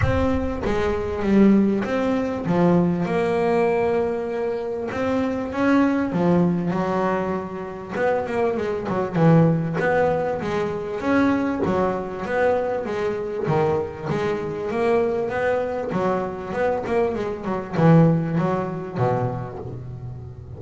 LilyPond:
\new Staff \with { instrumentName = "double bass" } { \time 4/4 \tempo 4 = 98 c'4 gis4 g4 c'4 | f4 ais2. | c'4 cis'4 f4 fis4~ | fis4 b8 ais8 gis8 fis8 e4 |
b4 gis4 cis'4 fis4 | b4 gis4 dis4 gis4 | ais4 b4 fis4 b8 ais8 | gis8 fis8 e4 fis4 b,4 | }